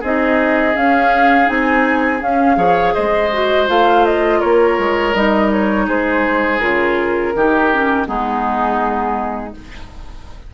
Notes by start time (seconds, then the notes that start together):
0.00 C4 D#4 G#4 D#5
0.74 C#4 F5
1.46 C4 D#4 G#5
2.21 C#4 F5
2.56 F3 G#4 C#5
2.94 G#3 C5 D#5
3.33 F#4
3.67 A3 F4 F5
4.05 D#5
4.40 A#3 A#4 C#5
4.78 G#3
5.14 G3 D#4 D#5
5.51 C#5
5.87 G#3 G#4 C5
6.60 C#3 F4 A#4
7.35 D#3 D#4 G4
7.73 C#4
8.05 G#3 B3 D#4 G#4